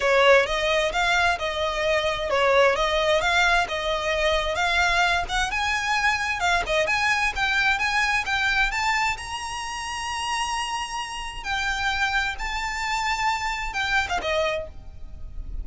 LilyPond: \new Staff \with { instrumentName = "violin" } { \time 4/4 \tempo 4 = 131 cis''4 dis''4 f''4 dis''4~ | dis''4 cis''4 dis''4 f''4 | dis''2 f''4. fis''8 | gis''2 f''8 dis''8 gis''4 |
g''4 gis''4 g''4 a''4 | ais''1~ | ais''4 g''2 a''4~ | a''2 g''8. f''16 dis''4 | }